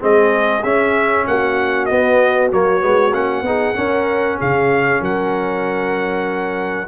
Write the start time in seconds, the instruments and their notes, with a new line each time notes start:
0.00 tuba G#3, trombone C4, horn G#4, trumpet D#5
0.64 tuba C#4, trombone C#4, trumpet E5
1.27 tuba A#3, horn F#4, trumpet F#5
1.86 trombone B3, tuba B3, trumpet D#5
2.52 tuba F#3, trombone A#3, trumpet C#5
2.80 tuba G#3, trombone B3
3.14 tuba A#3, trombone C#4, trumpet F#5
3.42 tuba B3, trombone D#4, horn G#4
3.75 trombone C#4, tuba C#4, horn A#4
4.39 tuba C#3, horn G#4, trumpet F5
5.01 tuba F#3, horn A#4, trumpet F#5